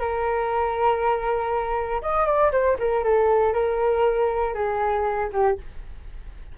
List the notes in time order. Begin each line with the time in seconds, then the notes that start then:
0.00 A#4
2.02 D#5
2.26 D5
2.52 C5
2.79 A#4
3.04 A4
3.53 A#4
4.54 G#4
5.33 G4